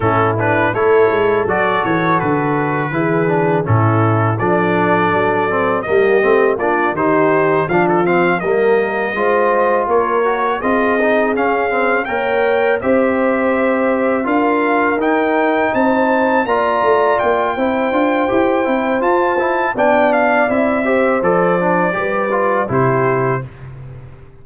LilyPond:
<<
  \new Staff \with { instrumentName = "trumpet" } { \time 4/4 \tempo 4 = 82 a'8 b'8 cis''4 d''8 cis''8 b'4~ | b'4 a'4 d''2 | dis''4 d''8 c''4 f''16 a'16 f''8 dis''8~ | dis''4. cis''4 dis''4 f''8~ |
f''8 g''4 e''2 f''8~ | f''8 g''4 a''4 ais''4 g''8~ | g''2 a''4 g''8 f''8 | e''4 d''2 c''4 | }
  \new Staff \with { instrumentName = "horn" } { \time 4/4 e'4 a'2. | gis'4 e'4 a'2 | g'4 f'8 g'4 f'4 ais'8~ | ais'8 c''4 ais'4 gis'4.~ |
gis'8 cis''4 c''2 ais'8~ | ais'4. c''4 d''4. | c''2. d''4~ | d''8 c''4. b'4 g'4 | }
  \new Staff \with { instrumentName = "trombone" } { \time 4/4 cis'8 d'8 e'4 fis'2 | e'8 d'8 cis'4 d'4. c'8 | ais8 c'8 d'8 dis'4 d'8 c'8 ais8~ | ais8 f'4. fis'8 f'8 dis'8 cis'8 |
c'8 ais'4 g'2 f'8~ | f'8 dis'2 f'4. | e'8 f'8 g'8 e'8 f'8 e'8 d'4 | e'8 g'8 a'8 d'8 g'8 f'8 e'4 | }
  \new Staff \with { instrumentName = "tuba" } { \time 4/4 a,4 a8 gis8 fis8 e8 d4 | e4 a,4 f4 fis4 | g8 a8 ais8 dis4 f4 g8~ | g8 gis4 ais4 c'4 cis'8~ |
cis'8 ais4 c'2 d'8~ | d'8 dis'4 c'4 ais8 a8 ais8 | c'8 d'8 e'8 c'8 f'4 b4 | c'4 f4 g4 c4 | }
>>